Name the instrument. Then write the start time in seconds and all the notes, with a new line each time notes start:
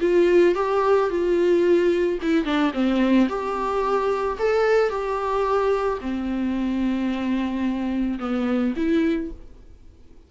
viola
0.00 F4
0.55 G4
1.09 F4
2.22 E4
2.44 D4
2.73 C4
3.29 G4
4.38 A4
4.89 G4
6.00 C4
8.19 B3
8.76 E4